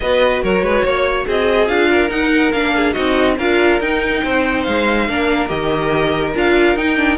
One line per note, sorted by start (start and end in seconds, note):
0.00 0.43 B3
0.00 1.68 F#4
0.00 0.42 B4
0.00 0.42 D#5
0.42 0.62 F#3
0.42 0.63 A#4
0.42 1.28 C#5
0.62 0.83 G#3
0.62 0.84 B4
0.84 1.26 A#3
0.84 1.25 C#5
1.25 1.68 C4
1.25 1.89 G#4
1.25 1.67 D#5
1.67 2.10 D4
1.67 2.09 F4
1.67 2.09 F5
1.90 2.75 A#4
2.09 2.51 D#4
2.09 2.52 D#4
2.09 2.51 F#5
2.51 2.95 A#3
2.51 2.95 D4
2.51 2.93 F5
2.75 2.92 G#4
2.92 3.38 C4
2.92 3.38 D#4
2.92 3.35 F#4
2.92 3.35 D#5
3.37 3.80 D4
3.37 3.81 F4
3.37 4.22 A#4
3.37 3.80 F5
3.80 4.22 D#4
3.80 5.08 D#4
3.80 4.63 G5
4.24 4.66 C4
4.24 5.08 C5
4.63 5.09 G#3
4.63 5.47 F5
5.08 5.50 A#3
5.08 5.48 D4
5.08 7.17 A#4
5.48 6.34 D#3
5.48 6.32 G4
5.48 6.33 D#5
6.34 6.75 D4
6.34 6.77 F4
6.34 6.77 F5
6.75 7.17 D#4
6.75 6.96 D#4
6.75 7.17 G5
6.96 7.17 D4